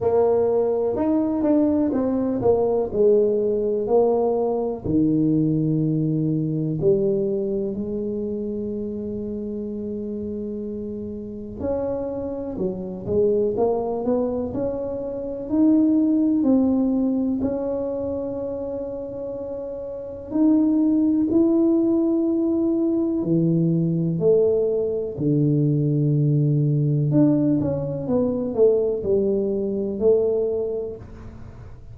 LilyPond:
\new Staff \with { instrumentName = "tuba" } { \time 4/4 \tempo 4 = 62 ais4 dis'8 d'8 c'8 ais8 gis4 | ais4 dis2 g4 | gis1 | cis'4 fis8 gis8 ais8 b8 cis'4 |
dis'4 c'4 cis'2~ | cis'4 dis'4 e'2 | e4 a4 d2 | d'8 cis'8 b8 a8 g4 a4 | }